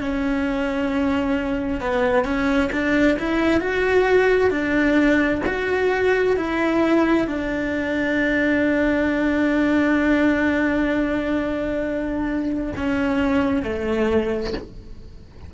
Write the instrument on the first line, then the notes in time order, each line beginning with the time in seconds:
cello
0.00 C#4
1.80 B3
2.24 C#4
2.72 D4
3.19 E4
3.60 F#4
4.50 D4
5.46 F#4
6.36 E4
7.27 D4
12.76 C#4
13.62 A3